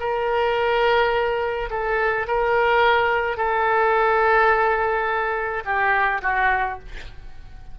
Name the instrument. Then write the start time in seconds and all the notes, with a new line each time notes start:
oboe
0.00 A#4
1.70 A4
2.27 A#4
3.37 A4
5.65 G4
6.23 F#4